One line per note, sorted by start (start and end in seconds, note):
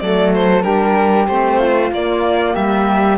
0.00 0.65 F#3
0.00 0.63 A3
0.00 0.65 A4
0.00 0.32 D5
0.35 0.63 C5
0.63 1.28 G3
0.63 1.26 D4
0.63 1.59 G4
0.63 1.27 A#4
1.28 1.92 A3
1.28 1.92 C4
1.28 1.91 C5
1.59 2.54 F4
1.92 2.55 A#3
1.92 3.18 A#3
1.92 2.56 D5
2.54 3.18 G3
2.54 3.18 G4
2.54 3.18 E5